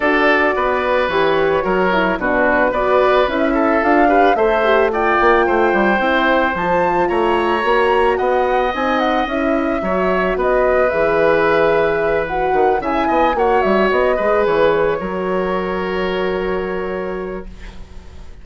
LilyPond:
<<
  \new Staff \with { instrumentName = "flute" } { \time 4/4 \tempo 4 = 110 d''2 cis''2 | b'4 d''4 e''4 f''4 | e''4 g''2. | a''4 ais''2 fis''4 |
gis''8 fis''8 e''2 dis''4 | e''2~ e''8 fis''4 gis''8~ | gis''8 fis''8 e''8 dis''4 cis''4.~ | cis''1 | }
  \new Staff \with { instrumentName = "oboe" } { \time 4/4 a'4 b'2 ais'4 | fis'4 b'4. a'4 b'8 | c''4 d''4 c''2~ | c''4 cis''2 dis''4~ |
dis''2 cis''4 b'4~ | b'2.~ b'8 e''8 | dis''8 cis''4. b'4. ais'8~ | ais'1 | }
  \new Staff \with { instrumentName = "horn" } { \time 4/4 fis'2 g'4 fis'8 e'8 | d'4 fis'4 e'4 f'8 g'8 | a'8 g'8 f'2 e'4 | f'2 fis'2 |
dis'4 e'4 fis'2 | gis'2~ gis'8 fis'4 e'8~ | e'8 fis'4. gis'4. fis'8~ | fis'1 | }
  \new Staff \with { instrumentName = "bassoon" } { \time 4/4 d'4 b4 e4 fis4 | b,4 b4 cis'4 d'4 | a4. ais8 a8 g8 c'4 | f4 a4 ais4 b4 |
c'4 cis'4 fis4 b4 | e2. dis8 cis8 | b8 ais8 g8 b8 gis8 e4 fis8~ | fis1 | }
>>